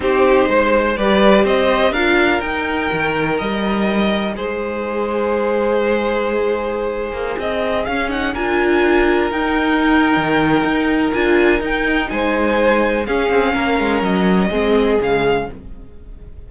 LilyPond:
<<
  \new Staff \with { instrumentName = "violin" } { \time 4/4 \tempo 4 = 124 c''2 d''4 dis''4 | f''4 g''2 dis''4~ | dis''4 c''2.~ | c''2.~ c''16 dis''8.~ |
dis''16 f''8 fis''8 gis''2 g''8.~ | g''2. gis''4 | g''4 gis''2 f''4~ | f''4 dis''2 f''4 | }
  \new Staff \with { instrumentName = "violin" } { \time 4/4 g'4 c''4 b'4 c''4 | ais'1~ | ais'4 gis'2.~ | gis'1~ |
gis'4~ gis'16 ais'2~ ais'8.~ | ais'1~ | ais'4 c''2 gis'4 | ais'2 gis'2 | }
  \new Staff \with { instrumentName = "viola" } { \time 4/4 dis'2 g'2 | f'4 dis'2.~ | dis'1~ | dis'1~ |
dis'16 cis'8 dis'8 f'2 dis'8.~ | dis'2. f'4 | dis'2. cis'4~ | cis'2 c'4 gis4 | }
  \new Staff \with { instrumentName = "cello" } { \time 4/4 c'4 gis4 g4 c'4 | d'4 dis'4 dis4 g4~ | g4 gis2.~ | gis2~ gis8. ais8 c'8.~ |
c'16 cis'4 d'2 dis'8.~ | dis'4 dis4 dis'4 d'4 | dis'4 gis2 cis'8 c'8 | ais8 gis8 fis4 gis4 cis4 | }
>>